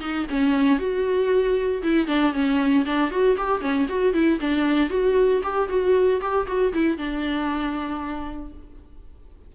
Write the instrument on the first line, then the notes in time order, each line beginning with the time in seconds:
viola
0.00 D#4
0.29 C#4
0.79 F#4
1.82 E4
2.07 D4
2.33 C#4
2.85 D4
3.10 F#4
3.37 G4
3.61 C#4
3.88 F#4
4.13 E4
4.40 D4
4.89 F#4
5.43 G4
5.69 F#4
6.21 G4
6.47 F#4
6.73 E4
6.97 D4